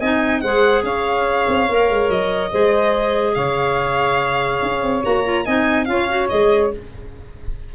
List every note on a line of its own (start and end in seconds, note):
0.00 0.43 C4
0.00 0.44 D#4
0.00 0.42 D#5
0.00 0.41 G#5
0.41 0.83 G#3
0.41 1.69 G#4
0.41 0.85 C5
0.41 0.83 F#5
0.83 1.46 C#4
0.83 2.52 C#5
0.83 2.10 F5
1.48 1.69 C4
1.69 1.90 A#3
1.69 2.52 A#4
1.90 2.10 G#3
2.10 2.52 F#3
2.10 3.35 D#5
2.52 3.36 G#3
2.52 5.03 G#4
2.52 3.36 C5
3.35 4.62 C#3
3.35 5.45 C#5
3.35 5.03 F5
4.62 4.83 C#4
4.83 5.04 C4
5.03 5.47 A#3
5.03 5.24 F#4
5.03 5.46 A#5
5.25 5.46 F4
5.45 5.88 C4
5.45 5.87 D#4
5.45 5.87 D#5
5.45 5.86 G#5
5.86 6.30 C#4
5.86 6.08 F4
5.86 6.75 C#5
5.86 6.28 F5
6.09 6.30 F#4
6.30 6.74 G#3
6.30 6.72 G#4
6.30 6.72 D#5